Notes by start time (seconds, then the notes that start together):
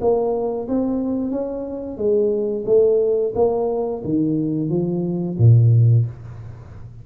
0.00 A#3
0.68 C4
1.31 C#4
1.97 G#3
2.65 A3
3.35 A#3
4.04 D#3
4.69 F3
5.38 A#2